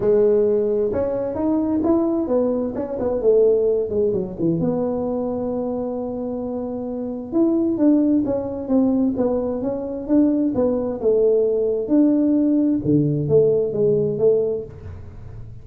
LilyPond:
\new Staff \with { instrumentName = "tuba" } { \time 4/4 \tempo 4 = 131 gis2 cis'4 dis'4 | e'4 b4 cis'8 b8 a4~ | a8 gis8 fis8 e8 b2~ | b1 |
e'4 d'4 cis'4 c'4 | b4 cis'4 d'4 b4 | a2 d'2 | d4 a4 gis4 a4 | }